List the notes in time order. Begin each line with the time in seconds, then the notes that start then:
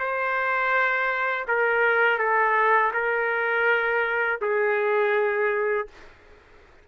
0.00 C5
1.48 A#4
2.19 A4
2.94 A#4
4.42 G#4